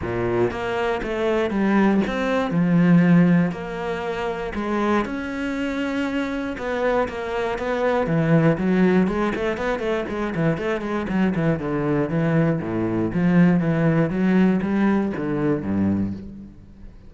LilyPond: \new Staff \with { instrumentName = "cello" } { \time 4/4 \tempo 4 = 119 ais,4 ais4 a4 g4 | c'4 f2 ais4~ | ais4 gis4 cis'2~ | cis'4 b4 ais4 b4 |
e4 fis4 gis8 a8 b8 a8 | gis8 e8 a8 gis8 fis8 e8 d4 | e4 a,4 f4 e4 | fis4 g4 d4 g,4 | }